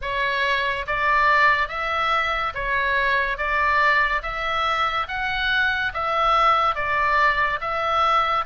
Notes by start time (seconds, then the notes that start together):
0.01 C#5
0.86 D5
1.68 E5
2.54 C#5
3.37 D5
4.22 E5
5.08 F#5
5.93 E5
6.75 D5
7.61 E5